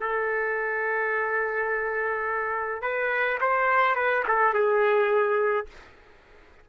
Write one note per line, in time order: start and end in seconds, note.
0.00 2.81 A4
2.81 3.38 B4
3.40 3.95 C5
3.95 4.23 B4
4.27 4.54 A4
4.54 5.67 G#4